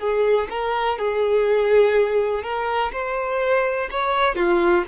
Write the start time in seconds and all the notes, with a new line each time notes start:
0.00 G#4
0.50 A#4
0.99 G#4
2.44 A#4
2.93 C5
3.91 C#5
4.36 F4